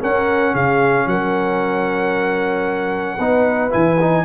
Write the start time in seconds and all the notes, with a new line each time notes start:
0.00 C#4 A#4 F#5
0.53 C#3 G#4 F5
1.07 F#3 A#4 F#5
3.18 B3 D#4 B4
3.70 E3 E4 G#5
4.01 D#4